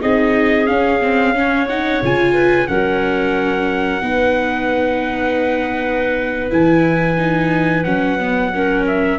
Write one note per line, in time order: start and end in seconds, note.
0.00 0.68 C4
0.00 0.67 D#4
0.00 1.34 G#4
0.00 0.67 D#5
0.67 1.00 C#4
0.67 2.02 C#4
0.67 1.67 F5
1.02 1.34 C4
1.34 1.68 C#4
1.34 2.34 C#5
1.68 2.03 D#4
1.68 2.02 F#5
2.02 2.69 C#3
2.02 2.67 F4
2.02 2.67 G#5
2.34 2.67 B4
2.67 4.01 F#3
2.67 4.00 C#4
2.67 4.02 A#4
2.67 6.50 F#5
4.01 6.51 B3
4.01 6.50 D#4
4.01 8.53 B4
6.50 7.85 E3
6.50 7.17 E4
6.50 7.84 G#5
7.17 7.84 D#4
7.84 9.18 F#3
7.84 8.19 C#4
7.84 8.84 F#5
8.19 8.52 B3
8.54 9.18 C#4
8.54 9.18 A#4
8.87 9.18 E5